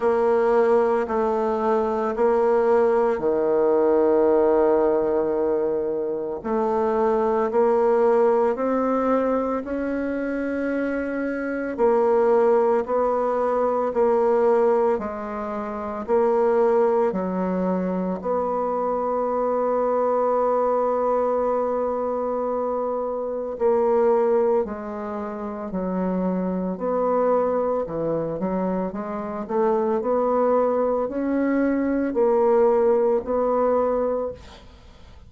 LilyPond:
\new Staff \with { instrumentName = "bassoon" } { \time 4/4 \tempo 4 = 56 ais4 a4 ais4 dis4~ | dis2 a4 ais4 | c'4 cis'2 ais4 | b4 ais4 gis4 ais4 |
fis4 b2.~ | b2 ais4 gis4 | fis4 b4 e8 fis8 gis8 a8 | b4 cis'4 ais4 b4 | }